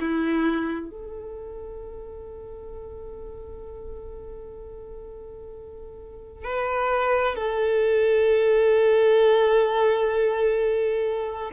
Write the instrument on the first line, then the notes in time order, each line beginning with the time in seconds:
violin
0.00 E4
0.91 A4
6.44 B4
7.36 A4